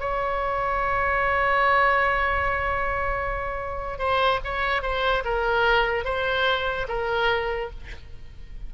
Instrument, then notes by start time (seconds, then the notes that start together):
oboe
0.00 C#5
3.99 C5
4.44 C#5
4.83 C5
5.25 A#4
6.05 C5
6.89 A#4